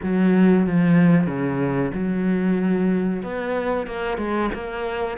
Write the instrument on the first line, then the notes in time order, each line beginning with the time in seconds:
cello
0.02 F#3
0.66 F3
1.26 C#3
1.94 F#3
3.22 B3
3.87 A#3
4.17 G#3
4.53 A#3